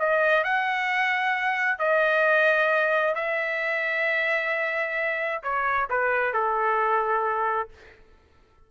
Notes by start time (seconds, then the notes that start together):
0.00 D#5
0.44 F#5
1.79 D#5
3.15 E5
5.43 C#5
5.90 B4
6.34 A4